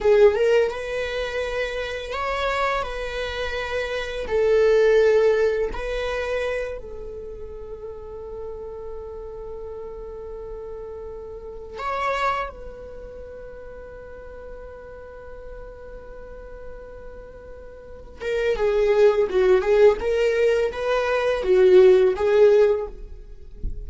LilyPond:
\new Staff \with { instrumentName = "viola" } { \time 4/4 \tempo 4 = 84 gis'8 ais'8 b'2 cis''4 | b'2 a'2 | b'4. a'2~ a'8~ | a'1~ |
a'8 cis''4 b'2~ b'8~ | b'1~ | b'4. ais'8 gis'4 fis'8 gis'8 | ais'4 b'4 fis'4 gis'4 | }